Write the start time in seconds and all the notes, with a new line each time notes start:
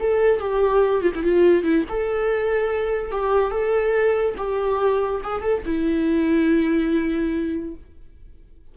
0.00 A4
0.40 G4
1.01 F4
1.15 E4
1.24 F4
1.64 E4
1.89 A4
3.11 G4
3.51 A4
4.38 G4
5.24 G#4
5.42 A4
5.65 E4